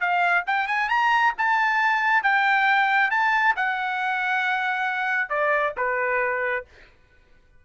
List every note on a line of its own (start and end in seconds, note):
0.00 0.44 F5
0.47 0.67 G5
0.67 0.89 G#5
0.89 1.33 A#5
1.38 2.23 A5
2.23 3.11 G5
3.11 3.55 A5
3.56 5.29 F#5
5.29 5.73 D5
5.77 6.65 B4